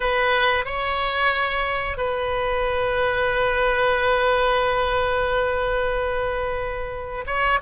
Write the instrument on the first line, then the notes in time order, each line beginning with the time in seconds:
oboe
0.00 B4
0.65 C#5
1.97 B4
7.26 C#5